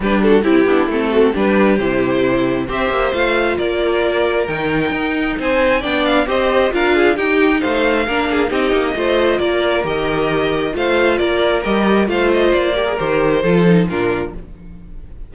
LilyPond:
<<
  \new Staff \with { instrumentName = "violin" } { \time 4/4 \tempo 4 = 134 b'8 a'8 g'4 a'4 b'4 | c''2 e''4 f''4 | d''2 g''2 | gis''4 g''8 f''8 dis''4 f''4 |
g''4 f''2 dis''4~ | dis''4 d''4 dis''2 | f''4 d''4 dis''4 f''8 dis''8 | d''4 c''2 ais'4 | }
  \new Staff \with { instrumentName = "violin" } { \time 4/4 g'8 fis'8 e'4. fis'8 g'4~ | g'2 c''2 | ais'1 | c''4 d''4 c''4 ais'8 gis'8 |
g'4 c''4 ais'8 gis'8 g'4 | c''4 ais'2. | c''4 ais'2 c''4~ | c''8 ais'4. a'4 f'4 | }
  \new Staff \with { instrumentName = "viola" } { \time 4/4 d'4 e'8 d'8 c'4 d'4 | e'2 g'4 f'4~ | f'2 dis'2~ | dis'4 d'4 g'4 f'4 |
dis'2 d'4 dis'4 | f'2 g'2 | f'2 g'4 f'4~ | f'8 g'16 gis'16 g'4 f'8 dis'8 d'4 | }
  \new Staff \with { instrumentName = "cello" } { \time 4/4 g4 c'8 b8 a4 g4 | c2 c'8 ais8 a4 | ais2 dis4 dis'4 | c'4 b4 c'4 d'4 |
dis'4 a4 ais4 c'8 ais8 | a4 ais4 dis2 | a4 ais4 g4 a4 | ais4 dis4 f4 ais,4 | }
>>